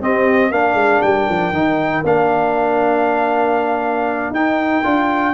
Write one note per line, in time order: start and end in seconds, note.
0.00 0.51 C4
0.00 0.50 G4
0.00 0.52 D#5
0.50 0.73 A#3
0.50 1.53 D4
0.50 5.33 A#4
0.50 1.01 F5
0.73 0.99 G#3
1.01 1.28 G3
1.01 2.03 G5
1.29 1.52 F3
1.52 2.03 D#3
1.52 2.04 D#4
2.03 4.30 A#3
2.03 4.34 D4
2.03 4.34 F5
4.30 4.81 D#4
4.30 4.83 D#4
4.30 5.33 G5
4.83 5.33 D4
4.83 5.33 F4